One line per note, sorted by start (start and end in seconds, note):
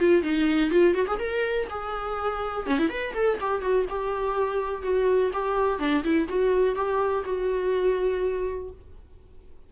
0.00 0.23 F4
0.23 0.71 D#4
0.71 0.95 F4
0.95 1.07 F#4
1.08 1.19 G#4
1.19 1.68 A#4
1.70 2.67 G#4
2.67 2.79 C#4
2.79 2.90 E4
2.90 3.14 B4
3.14 3.38 A4
3.41 3.62 G4
3.62 3.86 F#4
3.90 4.83 G4
4.83 5.32 F#4
5.34 5.80 G4
5.80 6.04 D4
6.04 6.28 E4
6.29 6.76 F#4
6.76 7.24 G4
7.25 8.71 F#4